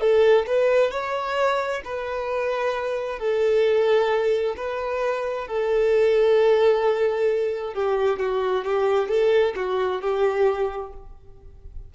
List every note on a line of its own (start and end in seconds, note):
0.00 0.45 A4
0.46 0.91 B4
0.91 1.82 C#5
1.84 3.19 B4
3.19 4.55 A4
4.56 5.47 B4
5.47 7.74 A4
7.74 8.19 G4
8.19 8.64 F#4
8.64 9.08 G4
9.08 9.54 A4
9.55 10.01 F#4
10.01 10.92 G4